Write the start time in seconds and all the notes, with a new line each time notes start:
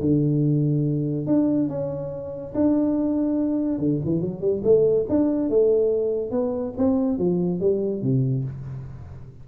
0.00 D3
1.26 D4
1.69 C#4
2.54 D4
3.78 D3
4.04 E3
4.21 F#3
4.41 G3
4.64 A3
5.09 D4
5.49 A3
6.31 B3
6.77 C4
7.18 F3
7.60 G3
8.02 C3